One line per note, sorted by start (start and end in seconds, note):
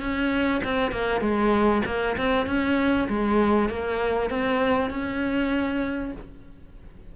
0.00 0.61 C#4
0.64 0.92 C4
0.92 1.21 A#3
1.21 1.82 G#3
1.86 2.16 A#3
2.17 2.46 C4
2.46 3.08 C#4
3.09 3.69 G#3
3.69 4.30 A#3
4.30 4.90 C4
4.90 6.12 C#4